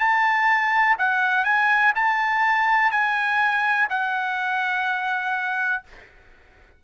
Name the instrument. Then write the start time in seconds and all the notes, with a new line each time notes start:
trumpet
0.00 A5
0.99 F#5
1.45 G#5
1.95 A5
2.92 G#5
3.90 F#5